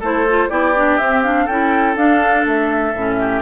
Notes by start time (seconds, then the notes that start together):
0.00 A3 E4 A4 C5
0.29 F4
0.49 B3 E4 G4 D5
0.76 D4
0.97 C4 E5
1.23 D4 F5
1.45 C#4 E4 A4 G5
1.96 D4 F5
2.45 A3 E5
2.94 A2 C#4
3.19 G4